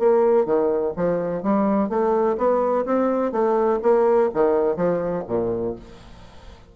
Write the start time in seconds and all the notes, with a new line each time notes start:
0.00 A#3
0.46 D#3
0.97 F3
1.43 G3
1.90 A3
2.38 B3
2.86 C4
3.32 A3
3.83 A#3
4.35 D#3
4.77 F3
5.29 A#2